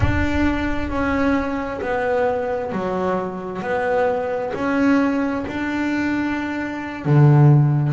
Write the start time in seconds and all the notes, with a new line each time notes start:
0.00 D4
0.89 C#4
1.81 B3
2.72 F#3
3.62 B3
4.54 C#4
5.48 D4
7.05 D3